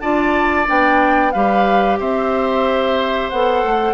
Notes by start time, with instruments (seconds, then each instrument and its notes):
0.00 bassoon D4, clarinet F4, oboe D5, flute A5
0.66 bassoon B3, clarinet D4, flute G5
1.31 bassoon G3, clarinet G4, oboe B4, flute F5
1.99 bassoon C4, oboe C5, flute E5
3.29 bassoon B3, clarinet A4, flute F#5
3.63 bassoon A3